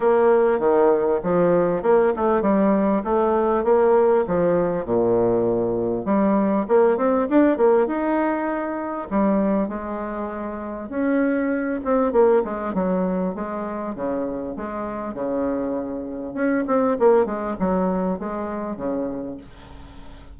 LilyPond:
\new Staff \with { instrumentName = "bassoon" } { \time 4/4 \tempo 4 = 99 ais4 dis4 f4 ais8 a8 | g4 a4 ais4 f4 | ais,2 g4 ais8 c'8 | d'8 ais8 dis'2 g4 |
gis2 cis'4. c'8 | ais8 gis8 fis4 gis4 cis4 | gis4 cis2 cis'8 c'8 | ais8 gis8 fis4 gis4 cis4 | }